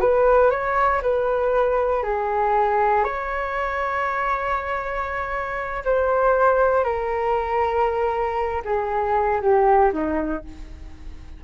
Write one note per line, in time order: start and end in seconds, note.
0.00 0.50 B4
0.50 1.01 C#5
1.02 2.03 B4
2.03 3.04 G#4
3.04 5.84 C#5
5.84 6.84 C5
6.84 8.62 A#4
8.64 9.41 G#4
9.41 9.92 G4
9.93 10.44 D#4